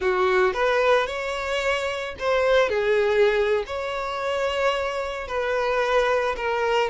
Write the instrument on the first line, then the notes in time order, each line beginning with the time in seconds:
violin
0.00 F#4
0.53 B4
1.07 C#5
2.19 C5
2.69 G#4
3.66 C#5
5.27 B4
6.36 A#4